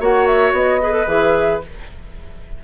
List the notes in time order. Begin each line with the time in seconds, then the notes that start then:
0.00 A#3 F#4 C#5 F#5
0.27 E5
0.52 B3 D#5
0.82 G#4 B4
0.92 A4
1.07 E3 G#4 E5